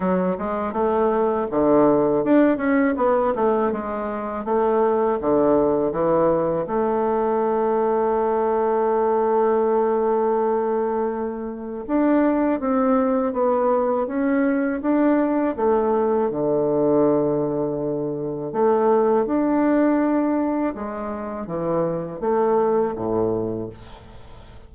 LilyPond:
\new Staff \with { instrumentName = "bassoon" } { \time 4/4 \tempo 4 = 81 fis8 gis8 a4 d4 d'8 cis'8 | b8 a8 gis4 a4 d4 | e4 a2.~ | a1 |
d'4 c'4 b4 cis'4 | d'4 a4 d2~ | d4 a4 d'2 | gis4 e4 a4 a,4 | }